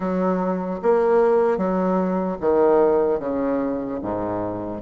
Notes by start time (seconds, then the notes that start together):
0.00 F#3
0.82 A#3
1.57 F#3
2.40 D#3
3.19 C#3
4.01 G#2